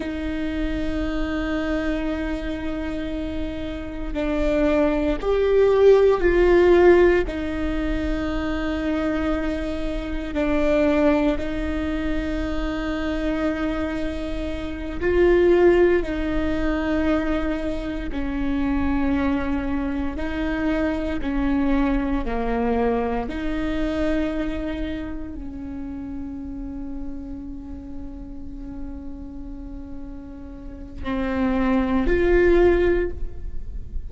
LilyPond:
\new Staff \with { instrumentName = "viola" } { \time 4/4 \tempo 4 = 58 dis'1 | d'4 g'4 f'4 dis'4~ | dis'2 d'4 dis'4~ | dis'2~ dis'8 f'4 dis'8~ |
dis'4. cis'2 dis'8~ | dis'8 cis'4 ais4 dis'4.~ | dis'8 cis'2.~ cis'8~ | cis'2 c'4 f'4 | }